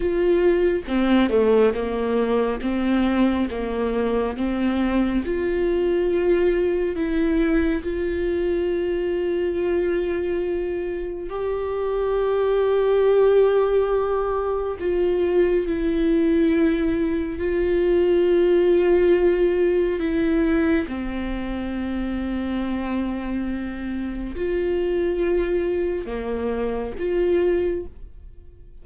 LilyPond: \new Staff \with { instrumentName = "viola" } { \time 4/4 \tempo 4 = 69 f'4 c'8 a8 ais4 c'4 | ais4 c'4 f'2 | e'4 f'2.~ | f'4 g'2.~ |
g'4 f'4 e'2 | f'2. e'4 | c'1 | f'2 ais4 f'4 | }